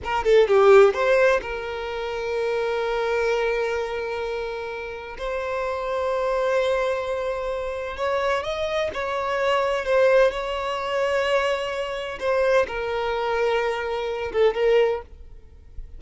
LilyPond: \new Staff \with { instrumentName = "violin" } { \time 4/4 \tempo 4 = 128 ais'8 a'8 g'4 c''4 ais'4~ | ais'1~ | ais'2. c''4~ | c''1~ |
c''4 cis''4 dis''4 cis''4~ | cis''4 c''4 cis''2~ | cis''2 c''4 ais'4~ | ais'2~ ais'8 a'8 ais'4 | }